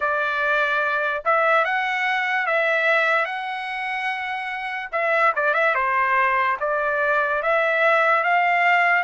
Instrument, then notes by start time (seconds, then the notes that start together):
trumpet
0.00 D5
1.24 E5
1.64 F#5
2.46 E5
3.25 F#5
4.91 E5
5.35 D5
5.54 E5
5.75 C5
6.60 D5
7.42 E5
8.23 F5